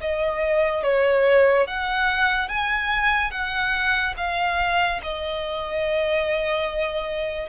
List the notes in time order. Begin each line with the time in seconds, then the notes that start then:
0.00 D#5
0.83 C#5
1.66 F#5
2.48 G#5
3.31 F#5
4.17 F5
5.03 D#5